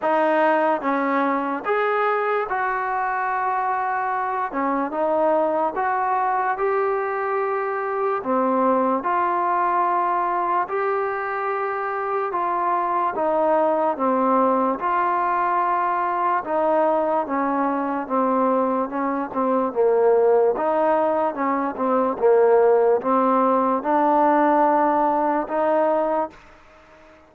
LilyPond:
\new Staff \with { instrumentName = "trombone" } { \time 4/4 \tempo 4 = 73 dis'4 cis'4 gis'4 fis'4~ | fis'4. cis'8 dis'4 fis'4 | g'2 c'4 f'4~ | f'4 g'2 f'4 |
dis'4 c'4 f'2 | dis'4 cis'4 c'4 cis'8 c'8 | ais4 dis'4 cis'8 c'8 ais4 | c'4 d'2 dis'4 | }